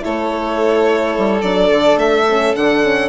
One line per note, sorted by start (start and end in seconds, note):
0.00 1.17 A3
0.00 1.40 E4
0.00 3.09 A4
0.00 1.41 C#5
1.17 1.42 G3
1.41 1.70 F#3
1.41 2.27 D4
1.41 1.98 D5
1.71 1.97 D3
1.97 2.53 A3
1.97 2.55 E5
2.29 2.55 C#4
2.55 3.09 D3
2.55 2.83 D4
2.55 3.09 F#5
2.83 3.09 C#4